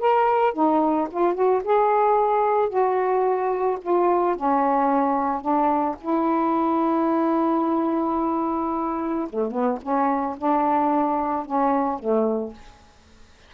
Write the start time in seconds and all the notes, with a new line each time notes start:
0.00 A#4
0.54 D#4
1.11 F4
1.35 F#4
1.64 G#4
2.70 F#4
3.82 F4
4.37 C#4
5.41 D4
6.01 E4
9.30 A3
9.52 B3
9.82 C#4
10.38 D4
11.46 C#4
12.00 A3